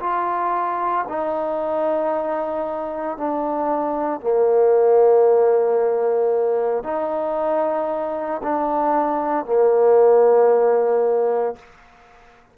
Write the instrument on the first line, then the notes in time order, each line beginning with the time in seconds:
trombone
0.00 F4
1.08 D#4
3.18 D4
4.21 A#3
6.84 D#4
8.43 D4
9.45 A#3